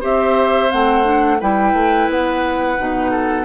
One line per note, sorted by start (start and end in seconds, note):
0.00 0.72 C4
0.00 0.69 G4
0.00 1.38 C5
0.00 0.71 E5
0.69 1.41 A3
0.69 1.03 C4
0.69 1.40 F#5
1.03 1.38 D4
1.40 1.73 G3
1.40 2.78 E4
1.40 3.10 B4
1.40 2.10 G5
1.73 2.07 A3
2.09 2.78 B3
2.09 3.45 F#5
2.78 3.45 B2
2.78 3.45 D#4
3.10 3.45 A4